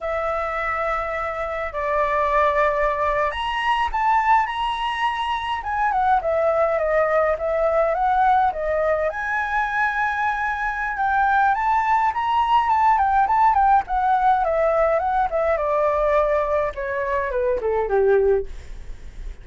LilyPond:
\new Staff \with { instrumentName = "flute" } { \time 4/4 \tempo 4 = 104 e''2. d''4~ | d''4.~ d''16 ais''4 a''4 ais''16~ | ais''4.~ ais''16 gis''8 fis''8 e''4 dis''16~ | dis''8. e''4 fis''4 dis''4 gis''16~ |
gis''2. g''4 | a''4 ais''4 a''8 g''8 a''8 g''8 | fis''4 e''4 fis''8 e''8 d''4~ | d''4 cis''4 b'8 a'8 g'4 | }